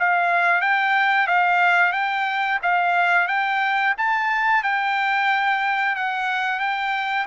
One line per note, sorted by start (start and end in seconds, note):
0.00 0.62 F5
0.62 1.28 G5
1.28 1.93 F5
1.93 2.59 G5
2.63 3.28 F5
3.28 3.95 G5
3.98 4.64 A5
4.64 5.96 G5
5.96 6.60 F#5
6.60 7.27 G5